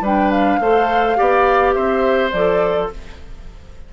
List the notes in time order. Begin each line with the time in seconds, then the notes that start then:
0.00 G3 D4 B4 G5
0.31 F5
0.59 A3 A4 C5
1.16 B3 G4 D5
1.72 C4 C5 E5
2.31 F3 A4 D5